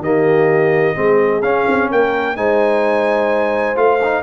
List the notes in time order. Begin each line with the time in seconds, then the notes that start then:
0.00 D#3 A#3 G4 D#5
0.95 G#3 C4 G#4
1.42 C#4 F5
1.68 C4
1.90 A#3 A#4 G5
2.36 G#3 D#4 C5 G#5
3.75 A3 F4 F5
4.04 D#4